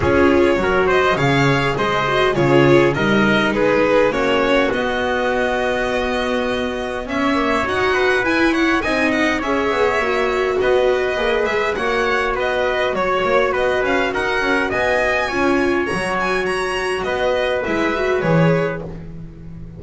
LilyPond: <<
  \new Staff \with { instrumentName = "violin" } { \time 4/4 \tempo 4 = 102 cis''4. dis''8 f''4 dis''4 | cis''4 dis''4 b'4 cis''4 | dis''1 | e''4 fis''4 gis''8 fis''8 gis''8 fis''8 |
e''2 dis''4. e''8 | fis''4 dis''4 cis''4 dis''8 f''8 | fis''4 gis''2 ais''8 gis''8 | ais''4 dis''4 e''4 cis''4 | }
  \new Staff \with { instrumentName = "trumpet" } { \time 4/4 gis'4 ais'8 c''8 cis''4 c''4 | gis'4 ais'4 gis'4 fis'4~ | fis'1 | cis''4. b'4 cis''8 dis''4 |
cis''2 b'2 | cis''4 b'4 cis''4 b'4 | ais'4 dis''4 cis''2~ | cis''4 b'2. | }
  \new Staff \with { instrumentName = "viola" } { \time 4/4 f'4 fis'4 gis'4. fis'8 | f'4 dis'2 cis'4 | b1~ | b8 ais8 fis'4 e'4 dis'4 |
gis'4 fis'2 gis'4 | fis'1~ | fis'2 f'4 fis'4~ | fis'2 e'8 fis'8 gis'4 | }
  \new Staff \with { instrumentName = "double bass" } { \time 4/4 cis'4 fis4 cis4 gis4 | cis4 g4 gis4 ais4 | b1 | cis'4 dis'4 e'4 c'4 |
cis'8 b8 ais4 b4 ais8 gis8 | ais4 b4 fis8 ais8 b8 cis'8 | dis'8 cis'8 b4 cis'4 fis4~ | fis4 b4 gis4 e4 | }
>>